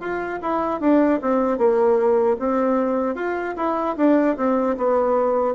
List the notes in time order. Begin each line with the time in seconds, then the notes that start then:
0.00 F4
0.42 E4
0.81 D4
1.22 C4
1.58 A#3
2.39 C4
3.15 F4
3.56 E4
3.97 D4
4.37 C4
4.77 B3